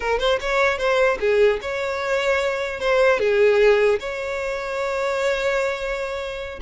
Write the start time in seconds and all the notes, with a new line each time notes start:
0.00 A#4
0.19 C5
0.40 C#5
0.77 C5
1.19 G#4
1.61 C#5
2.80 C5
3.19 G#4
3.99 C#5